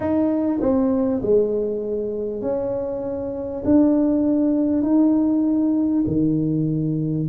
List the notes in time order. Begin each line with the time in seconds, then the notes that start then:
0.00 D#4
0.60 C4
1.22 G#3
2.41 C#4
3.64 D4
4.82 D#4
6.06 D#3